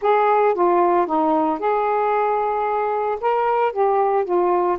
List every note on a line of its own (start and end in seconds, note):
0.01 0.54 G#4
0.54 1.06 F4
1.06 1.59 D#4
1.59 3.18 G#4
3.20 3.72 A#4
3.72 4.24 G4
4.24 4.77 F4